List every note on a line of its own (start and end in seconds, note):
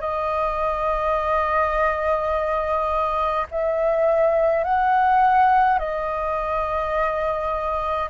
0.00 3.46 D#5
3.51 4.64 E5
4.64 5.78 F#5
5.78 8.09 D#5